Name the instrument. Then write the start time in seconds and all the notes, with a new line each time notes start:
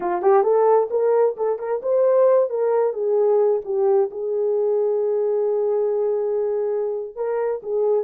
horn
0.00 F4
0.21 G4
0.43 A4
0.90 A#4
1.36 A4
1.58 A#4
1.82 C5
2.49 A#4
2.93 G#4
3.64 G4
4.10 G#4
7.15 A#4
7.62 G#4